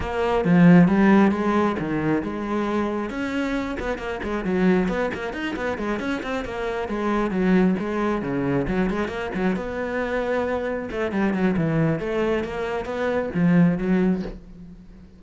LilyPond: \new Staff \with { instrumentName = "cello" } { \time 4/4 \tempo 4 = 135 ais4 f4 g4 gis4 | dis4 gis2 cis'4~ | cis'8 b8 ais8 gis8 fis4 b8 ais8 | dis'8 b8 gis8 cis'8 c'8 ais4 gis8~ |
gis8 fis4 gis4 cis4 fis8 | gis8 ais8 fis8 b2~ b8~ | b8 a8 g8 fis8 e4 a4 | ais4 b4 f4 fis4 | }